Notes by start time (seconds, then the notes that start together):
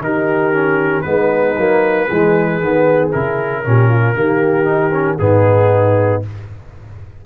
0.00 D#3 D#4 G4 A#4
0.53 C#4
1.02 G#3 B3 D#4 B4
1.56 F#3 A#3
2.06 E3 G#3 G#4
2.60 D#3 B3
3.12 C#3 E4 A#4
3.64 A#2 C#4 G4
3.89 F4
4.14 D#3 A#3 G4
4.64 D#4
4.92 C#4
5.18 G#2 B3 D#4 G#4